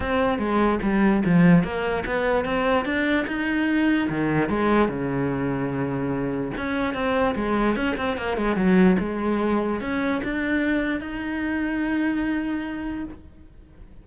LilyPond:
\new Staff \with { instrumentName = "cello" } { \time 4/4 \tempo 4 = 147 c'4 gis4 g4 f4 | ais4 b4 c'4 d'4 | dis'2 dis4 gis4 | cis1 |
cis'4 c'4 gis4 cis'8 c'8 | ais8 gis8 fis4 gis2 | cis'4 d'2 dis'4~ | dis'1 | }